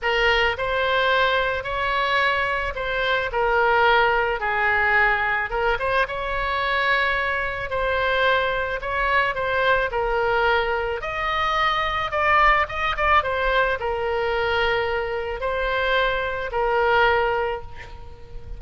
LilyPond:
\new Staff \with { instrumentName = "oboe" } { \time 4/4 \tempo 4 = 109 ais'4 c''2 cis''4~ | cis''4 c''4 ais'2 | gis'2 ais'8 c''8 cis''4~ | cis''2 c''2 |
cis''4 c''4 ais'2 | dis''2 d''4 dis''8 d''8 | c''4 ais'2. | c''2 ais'2 | }